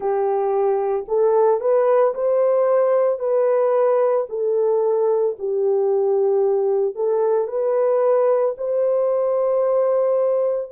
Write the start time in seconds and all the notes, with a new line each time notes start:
0.00 G4
1.08 A4
1.60 B4
2.14 C5
3.19 B4
4.29 A4
5.39 G4
6.94 A4
7.47 B4
8.57 C5